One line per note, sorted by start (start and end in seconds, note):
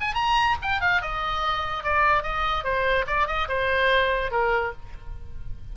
0.00 0.14 G#5
0.14 0.55 A#5
0.62 0.81 G5
0.81 1.01 F5
1.01 1.83 D#5
1.83 2.23 D5
2.23 2.64 D#5
2.64 3.05 C5
3.07 3.27 D5
3.27 3.48 D#5
3.48 4.31 C5
4.31 4.72 A#4